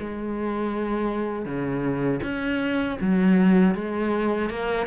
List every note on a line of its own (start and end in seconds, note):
0.00 1.45 G#3
1.45 2.20 C#3
2.23 2.98 C#4
3.01 3.75 F#3
3.75 4.50 G#3
4.50 4.86 A#3